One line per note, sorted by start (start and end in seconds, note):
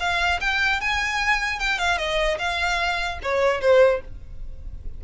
0.00 0.40 F5
0.41 0.81 G5
0.81 1.60 G#5
1.60 1.79 G5
1.79 1.98 F5
1.98 2.38 D#5
2.39 3.20 F5
3.23 3.61 C#5
3.61 4.01 C5